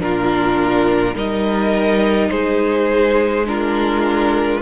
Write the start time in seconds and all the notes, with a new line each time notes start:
0.00 A#2 D4 F4 A#4
1.14 G3 D#4 A#4 D#5
2.30 G#3 G#4 C5
3.46 D4 F4 A#4